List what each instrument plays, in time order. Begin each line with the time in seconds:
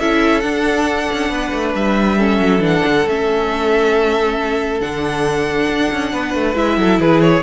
0.00 cello C#4, viola E4, violin A4 E5
0.41 viola D4, cello D4, violin F#5
1.13 cello C#4
1.29 cello B3, violin B4
1.53 cello A3
1.75 cello G3, violin E5
2.18 viola C#4, violin A4
2.39 cello F#3
2.60 cello E3, viola D4, violin F#5
2.86 cello D3
3.07 cello A3, viola C#4, violin E5
4.81 cello D3, viola D4, violin F#5
5.69 cello D4
5.92 cello C#4
6.13 cello B3, violin B4
6.35 cello A3
6.55 cello G#3, viola E4, violin E5
6.77 cello F#3, violin A4
6.99 cello E3, violin G#4 B4
7.22 violin C#5